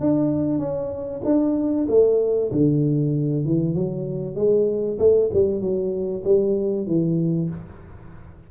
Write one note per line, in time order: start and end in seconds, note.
0.00 0.59 D4
0.59 1.21 C#4
1.24 1.87 D4
1.88 2.51 A3
2.51 3.45 D3
3.45 3.74 E3
3.74 4.35 F#3
4.35 4.98 G#3
4.99 5.30 A3
5.33 5.60 G3
5.60 6.23 F#3
6.24 6.87 G3
6.87 7.49 E3